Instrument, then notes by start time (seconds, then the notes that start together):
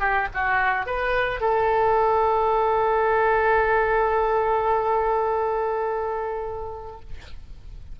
oboe
0.00 G4
0.34 F#4
0.86 B4
1.41 A4